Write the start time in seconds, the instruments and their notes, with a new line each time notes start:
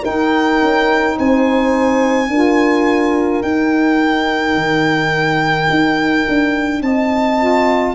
0.00 saxophone D#4, tuba D#4, horn A#4, violin G5
0.61 tuba C#4
1.17 tuba C4, horn C5, violin G#5
2.28 tuba D4, saxophone F4, horn A#4
3.42 tuba D#4, saxophone D#4, violin G5
4.54 tuba D#3
5.70 tuba D#4
6.28 tuba D4
6.81 tuba C4, horn D#5, violin A5
7.38 saxophone F4